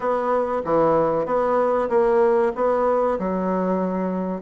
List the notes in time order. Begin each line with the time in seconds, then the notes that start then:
0.00 B3
0.64 E3
1.25 B3
1.89 A#3
2.55 B3
3.19 F#3